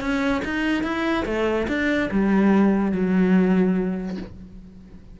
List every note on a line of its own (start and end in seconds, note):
0.00 0.42 C#4
0.45 0.83 D#4
0.83 1.25 E4
1.26 1.67 A3
1.68 2.09 D4
2.11 2.92 G3
2.92 4.17 F#3